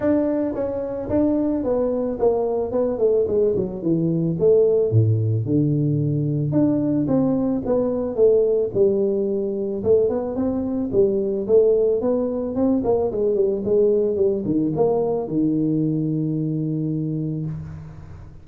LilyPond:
\new Staff \with { instrumentName = "tuba" } { \time 4/4 \tempo 4 = 110 d'4 cis'4 d'4 b4 | ais4 b8 a8 gis8 fis8 e4 | a4 a,4 d2 | d'4 c'4 b4 a4 |
g2 a8 b8 c'4 | g4 a4 b4 c'8 ais8 | gis8 g8 gis4 g8 dis8 ais4 | dis1 | }